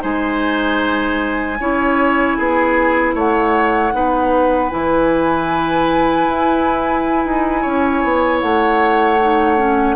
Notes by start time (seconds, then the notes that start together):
0.00 G#3 D#4 C5 G#5
1.59 C#4 E4 C#5
2.37 B3 G#4
3.14 A3 C#5 F#5
3.92 B3 D#4 B4
4.69 E3 E4 G#5
6.28 E4
7.25 D#4
7.61 C#4 C#5
8.04 B3
8.40 A3 F#5
9.20 D#4
9.57 C#4